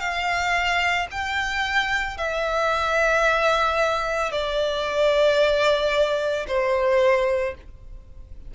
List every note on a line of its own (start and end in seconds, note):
0.00 1.07 F5
1.11 2.18 G5
2.18 4.32 E5
4.32 6.46 D5
6.47 7.54 C5